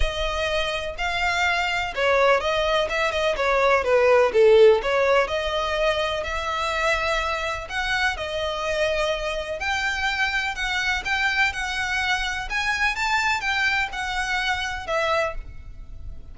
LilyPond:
\new Staff \with { instrumentName = "violin" } { \time 4/4 \tempo 4 = 125 dis''2 f''2 | cis''4 dis''4 e''8 dis''8 cis''4 | b'4 a'4 cis''4 dis''4~ | dis''4 e''2. |
fis''4 dis''2. | g''2 fis''4 g''4 | fis''2 gis''4 a''4 | g''4 fis''2 e''4 | }